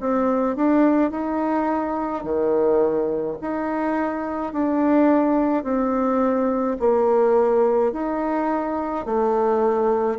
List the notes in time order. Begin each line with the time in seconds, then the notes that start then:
0.00 C4
0.56 D4
1.11 D#4
2.24 D#3
3.41 D#4
4.53 D4
5.64 C4
6.80 A#3
7.92 D#4
9.06 A3